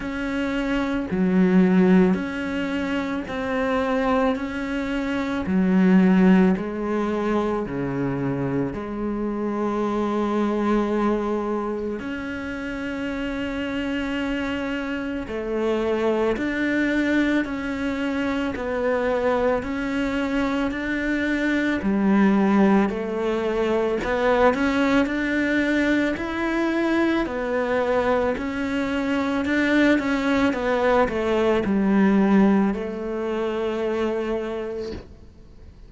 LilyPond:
\new Staff \with { instrumentName = "cello" } { \time 4/4 \tempo 4 = 55 cis'4 fis4 cis'4 c'4 | cis'4 fis4 gis4 cis4 | gis2. cis'4~ | cis'2 a4 d'4 |
cis'4 b4 cis'4 d'4 | g4 a4 b8 cis'8 d'4 | e'4 b4 cis'4 d'8 cis'8 | b8 a8 g4 a2 | }